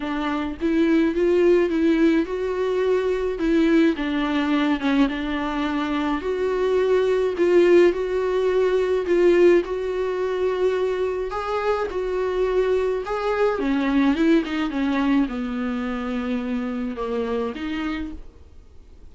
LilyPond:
\new Staff \with { instrumentName = "viola" } { \time 4/4 \tempo 4 = 106 d'4 e'4 f'4 e'4 | fis'2 e'4 d'4~ | d'8 cis'8 d'2 fis'4~ | fis'4 f'4 fis'2 |
f'4 fis'2. | gis'4 fis'2 gis'4 | cis'4 e'8 dis'8 cis'4 b4~ | b2 ais4 dis'4 | }